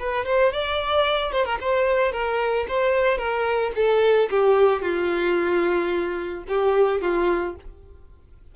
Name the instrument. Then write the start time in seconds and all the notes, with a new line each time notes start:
violin
0.00 B4
0.26 C5
0.53 D5
1.33 C5
1.45 A#4
1.61 C5
2.13 A#4
2.69 C5
3.18 A#4
3.76 A4
4.31 G4
4.82 F4
6.49 G4
7.02 F4